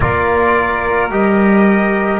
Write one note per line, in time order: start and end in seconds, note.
0.00 1.10 A#3
0.00 1.10 F4
0.00 2.20 A#4
0.00 1.10 D5
1.10 2.20 G3
1.10 2.20 G4
1.10 2.20 D#5